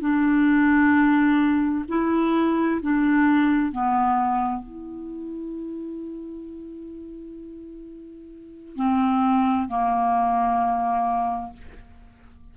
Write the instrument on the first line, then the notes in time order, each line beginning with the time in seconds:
clarinet
0.00 D4
1.88 E4
2.82 D4
3.72 B3
4.62 E4
8.76 C4
9.68 A#3